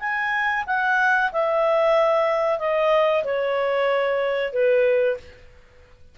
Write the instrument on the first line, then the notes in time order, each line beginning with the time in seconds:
clarinet
0.00 G#5
0.67 F#5
1.32 E5
2.59 D#5
3.24 C#5
4.53 B4